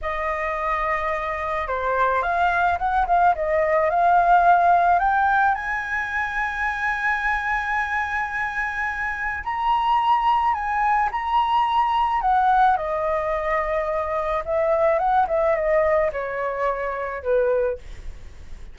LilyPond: \new Staff \with { instrumentName = "flute" } { \time 4/4 \tempo 4 = 108 dis''2. c''4 | f''4 fis''8 f''8 dis''4 f''4~ | f''4 g''4 gis''2~ | gis''1~ |
gis''4 ais''2 gis''4 | ais''2 fis''4 dis''4~ | dis''2 e''4 fis''8 e''8 | dis''4 cis''2 b'4 | }